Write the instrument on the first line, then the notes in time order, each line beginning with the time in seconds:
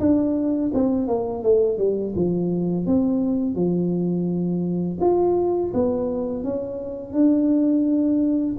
tuba
0.00 D4
0.74 C4
1.07 A#3
1.43 A3
1.78 G3
2.15 F3
2.86 C4
3.55 F3
5.01 F4
5.74 B3
6.44 C#4
7.13 D4